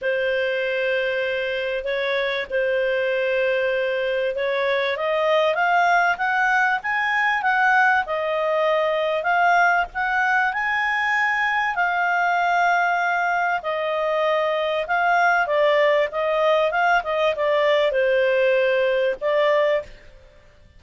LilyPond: \new Staff \with { instrumentName = "clarinet" } { \time 4/4 \tempo 4 = 97 c''2. cis''4 | c''2. cis''4 | dis''4 f''4 fis''4 gis''4 | fis''4 dis''2 f''4 |
fis''4 gis''2 f''4~ | f''2 dis''2 | f''4 d''4 dis''4 f''8 dis''8 | d''4 c''2 d''4 | }